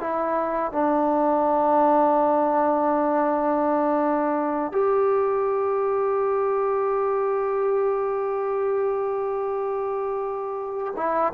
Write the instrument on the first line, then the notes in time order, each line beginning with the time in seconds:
trombone
0.00 E4
0.72 D4
4.72 G4
10.96 E4